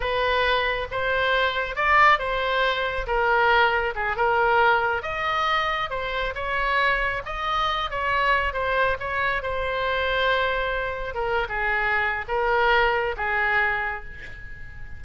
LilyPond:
\new Staff \with { instrumentName = "oboe" } { \time 4/4 \tempo 4 = 137 b'2 c''2 | d''4 c''2 ais'4~ | ais'4 gis'8 ais'2 dis''8~ | dis''4. c''4 cis''4.~ |
cis''8 dis''4. cis''4. c''8~ | c''8 cis''4 c''2~ c''8~ | c''4. ais'8. gis'4.~ gis'16 | ais'2 gis'2 | }